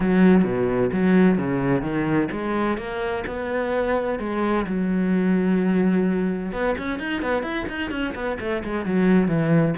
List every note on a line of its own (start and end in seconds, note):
0.00 0.44 F#3
0.44 0.90 B2
0.92 1.38 F#3
1.38 1.82 C#3
1.82 2.28 D#3
2.31 2.77 G#3
2.77 3.24 A#3
3.26 4.19 B3
4.19 4.65 G#3
4.66 6.52 F#3
6.52 6.75 B3
6.78 6.99 C#4
6.99 7.22 D#4
7.22 7.42 B3
7.42 7.66 E4
7.68 7.90 D#4
7.90 8.14 C#4
8.14 8.38 B3
8.40 8.63 A3
8.64 8.85 G#3
8.85 9.28 F#3
9.28 9.74 E3